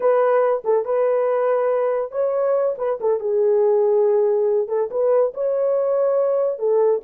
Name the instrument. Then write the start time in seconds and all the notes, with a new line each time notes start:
horn
0.00 B4
0.64 A4
0.85 B4
2.11 C#5
2.78 B4
3.00 A4
3.20 G#4
4.68 A4
4.90 B4
5.34 C#5
6.58 A4